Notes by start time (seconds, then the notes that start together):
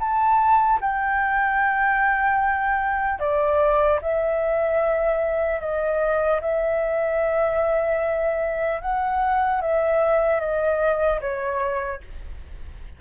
0.00 A5
0.81 G5
3.20 D5
4.02 E5
5.61 D#5
6.42 E5
8.81 F#5
9.62 E5
10.40 D#5
11.21 C#5